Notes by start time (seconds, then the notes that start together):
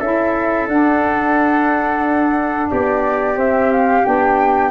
0.00 C#4 E4 A4 E5
0.68 D4 F#5
2.71 B3 G4 D5
3.34 C4 E5
3.72 F5
4.04 B3 D4 G5